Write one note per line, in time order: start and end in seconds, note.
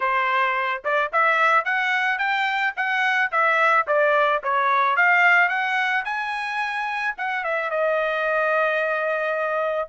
0.00 0.83 C5
0.84 1.11 D5
1.12 1.64 E5
1.64 2.18 F#5
2.18 2.73 G5
2.76 3.31 F#5
3.31 3.86 E5
3.87 4.42 D5
4.43 4.96 C#5
4.96 5.48 F5
5.48 6.04 F#5
6.05 7.15 G#5
7.17 7.44 F#5
7.44 7.70 E5
7.70 9.89 D#5